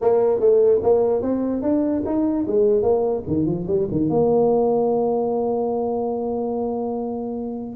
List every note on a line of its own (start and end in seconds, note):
0.01 0.40 A#3
0.40 0.80 A3
0.82 1.22 A#3
1.22 1.62 C4
1.62 2.03 D4
2.05 2.46 D#4
2.47 2.82 G#3
2.82 3.23 A#3
3.27 3.46 D#3
3.46 3.66 F3
3.67 3.87 G3
3.91 4.09 D#3
4.09 7.76 A#3